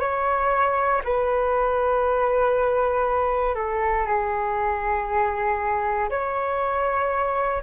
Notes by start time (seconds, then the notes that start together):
0.00 C#5
1.04 B4
3.55 A4
4.06 G#4
6.10 C#5